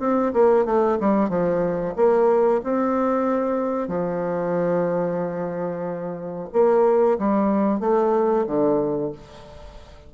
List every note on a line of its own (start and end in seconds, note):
0.00 0.33 C4
0.33 0.66 A#3
0.66 0.98 A3
1.00 1.30 G3
1.30 1.95 F3
1.96 2.61 A#3
2.64 3.88 C4
3.88 6.49 F3
6.53 7.18 A#3
7.19 7.80 G3
7.80 8.45 A3
8.47 9.12 D3